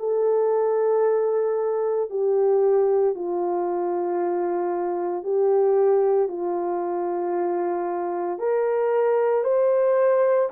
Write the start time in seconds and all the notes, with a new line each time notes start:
0.00 A4
2.11 G4
3.15 F4
5.24 G4
6.29 F4
8.39 A#4
9.44 C5